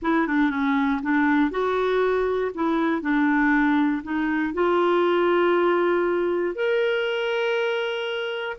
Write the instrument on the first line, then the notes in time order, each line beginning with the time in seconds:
clarinet
0.02 E4
0.27 D4
0.50 C#4
1.02 D4
1.51 F#4
2.54 E4
3.01 D4
4.03 D#4
4.53 F4
6.55 A#4